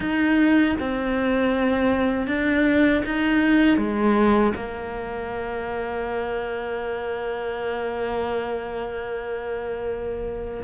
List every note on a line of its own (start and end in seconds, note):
0.00 0.76 D#4
0.79 2.27 C4
2.27 3.03 D4
3.06 3.77 D#4
3.77 4.53 G#3
4.55 10.63 A#3